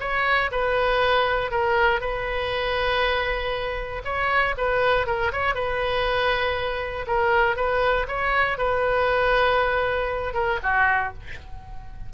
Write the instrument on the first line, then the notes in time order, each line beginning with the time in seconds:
oboe
0.00 C#5
0.51 B4
1.51 A#4
2.00 B4
4.05 C#5
4.57 B4
5.06 A#4
5.32 C#5
5.54 B4
7.07 A#4
7.56 B4
8.08 C#5
8.57 B4
10.34 A#4
10.63 F#4